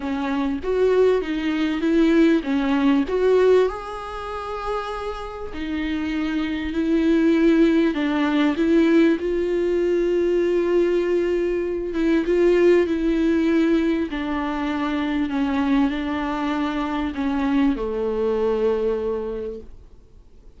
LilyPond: \new Staff \with { instrumentName = "viola" } { \time 4/4 \tempo 4 = 98 cis'4 fis'4 dis'4 e'4 | cis'4 fis'4 gis'2~ | gis'4 dis'2 e'4~ | e'4 d'4 e'4 f'4~ |
f'2.~ f'8 e'8 | f'4 e'2 d'4~ | d'4 cis'4 d'2 | cis'4 a2. | }